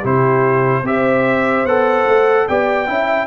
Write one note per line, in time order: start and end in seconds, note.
0.00 0.83 C3
0.00 0.84 E4
0.00 0.81 G4
0.00 0.86 C5
0.83 1.64 C4
0.83 1.66 G4
0.83 2.48 C5
0.83 1.66 E5
1.65 2.05 B3
1.65 2.49 A4
1.65 2.47 F#5
2.06 2.47 A3
2.48 2.88 B3
2.48 2.86 G4
2.48 2.88 D5
2.48 3.26 G5
2.86 3.26 C#4
2.86 3.26 E4
2.86 3.26 E5